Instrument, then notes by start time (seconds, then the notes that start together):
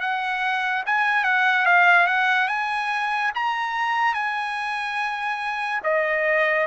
trumpet
0.00 F#5
0.86 G#5
1.24 F#5
1.65 F5
2.06 F#5
2.48 G#5
3.34 A#5
4.14 G#5
5.83 D#5